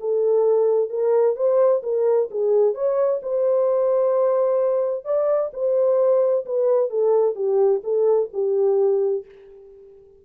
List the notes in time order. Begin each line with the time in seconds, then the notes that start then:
0.00 A4
0.90 A#4
1.36 C5
1.83 A#4
2.31 G#4
2.74 C#5
3.22 C5
5.05 D5
5.53 C5
6.45 B4
6.90 A4
7.35 G4
7.83 A4
8.33 G4